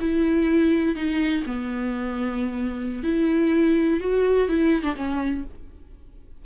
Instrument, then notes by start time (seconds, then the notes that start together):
viola
0.00 E4
0.95 D#4
1.46 B3
3.03 E4
4.00 F#4
4.48 E4
4.83 D4
4.95 C#4